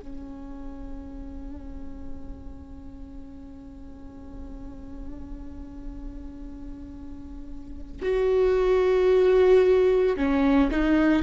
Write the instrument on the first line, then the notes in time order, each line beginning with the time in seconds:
viola
0.00 C#4
8.02 F#4
10.16 C#4
10.71 D#4